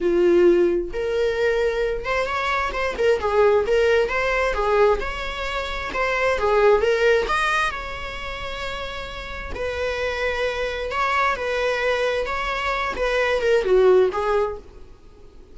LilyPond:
\new Staff \with { instrumentName = "viola" } { \time 4/4 \tempo 4 = 132 f'2 ais'2~ | ais'8 c''8 cis''4 c''8 ais'8 gis'4 | ais'4 c''4 gis'4 cis''4~ | cis''4 c''4 gis'4 ais'4 |
dis''4 cis''2.~ | cis''4 b'2. | cis''4 b'2 cis''4~ | cis''8 b'4 ais'8 fis'4 gis'4 | }